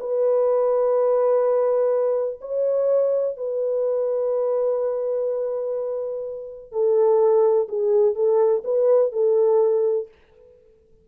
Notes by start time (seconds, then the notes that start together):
0.00 B4
2.41 C#5
3.38 B4
6.72 A4
7.69 G#4
8.15 A4
8.64 B4
9.12 A4